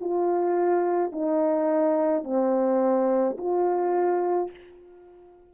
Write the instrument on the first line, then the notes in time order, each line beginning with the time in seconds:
horn
0.00 F4
1.12 D#4
2.23 C4
3.38 F4